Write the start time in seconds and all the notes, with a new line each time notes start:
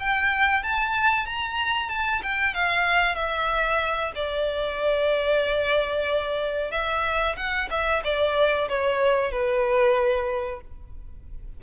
0.00 G5
0.64 A5
1.26 A#5
1.90 A5
2.23 G5
2.55 F5
3.16 E5
4.16 D5
6.72 E5
7.37 F#5
7.71 E5
8.04 D5
8.69 C#5
9.32 B4